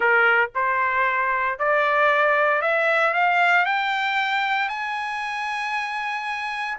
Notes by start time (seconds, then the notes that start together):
0.00 A#4
0.54 C5
1.58 D5
2.61 E5
3.13 F5
3.65 G5
4.69 G#5